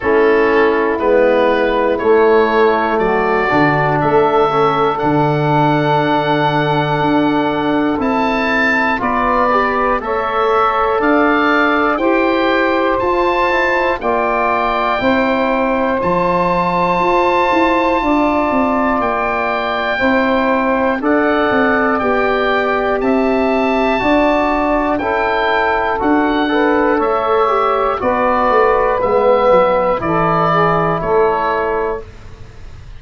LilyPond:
<<
  \new Staff \with { instrumentName = "oboe" } { \time 4/4 \tempo 4 = 60 a'4 b'4 cis''4 d''4 | e''4 fis''2. | a''4 d''4 e''4 f''4 | g''4 a''4 g''2 |
a''2. g''4~ | g''4 fis''4 g''4 a''4~ | a''4 g''4 fis''4 e''4 | d''4 e''4 d''4 cis''4 | }
  \new Staff \with { instrumentName = "saxophone" } { \time 4/4 e'2. fis'4 | a'1~ | a'4 b'4 cis''4 d''4 | c''2 d''4 c''4~ |
c''2 d''2 | c''4 d''2 e''4 | d''4 a'4. b'8 cis''4 | b'2 a'8 gis'8 a'4 | }
  \new Staff \with { instrumentName = "trombone" } { \time 4/4 cis'4 b4 a4. d'8~ | d'8 cis'8 d'2. | e'4 f'8 g'8 a'2 | g'4 f'8 e'8 f'4 e'4 |
f'1 | e'4 a'4 g'2 | fis'4 e'4 fis'8 a'4 g'8 | fis'4 b4 e'2 | }
  \new Staff \with { instrumentName = "tuba" } { \time 4/4 a4 gis4 a4 fis8 d8 | a4 d2 d'4 | c'4 b4 a4 d'4 | e'4 f'4 ais4 c'4 |
f4 f'8 e'8 d'8 c'8 ais4 | c'4 d'8 c'8 b4 c'4 | d'4 cis'4 d'4 a4 | b8 a8 gis8 fis8 e4 a4 | }
>>